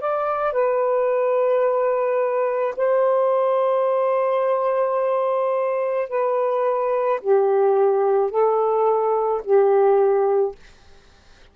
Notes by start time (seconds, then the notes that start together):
0.00 D5
0.52 B4
2.76 C5
6.09 B4
7.21 G4
8.30 A4
9.43 G4